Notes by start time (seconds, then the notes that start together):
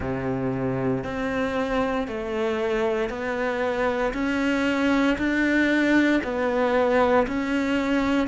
0.00 C3
1.03 C4
2.07 A3
3.09 B3
4.13 C#4
5.17 D4
6.23 B3
7.27 C#4